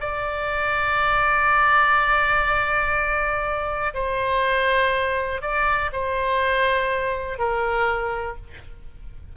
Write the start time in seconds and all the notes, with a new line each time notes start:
0.00 D5
3.94 C5
5.41 D5
5.92 C5
7.38 A#4